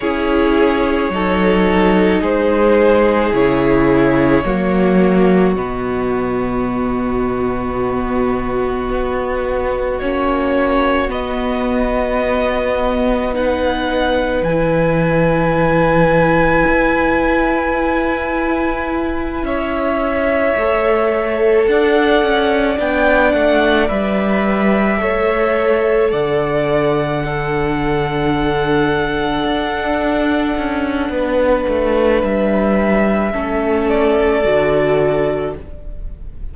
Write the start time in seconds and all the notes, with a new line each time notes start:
0.00 C#4 E4 G#4 C#5
1.09 F#3 D#4 A4
2.21 G#3 G#4 C5
3.32 C#3 E4 C#5
4.44 F#3 A#3 F#4
5.55 B2 B3 D#5
8.90 B3
9.99 A#3 C#4 C#5
11.08 B3 D#5
13.33 D#4 B4 F#5
14.42 E3 E4 G#5
16.68 E4
19.43 C#4 C#5 E5
20.55 A3 A4
21.66 D4 D5 F#5
22.22 C#4
22.76 B3 D4 G5
23.32 A3 F#5
23.87 G3 B4 E5
24.97 A3 A4 C#5
26.11 D3 D5 F#5
27.23 D4 A4
29.44 D4
30.57 C#4
31.09 B3 B4
31.68 A3
32.22 G3 E5
33.31 A3 C#4 A4
33.89 D5
34.43 D3 F#4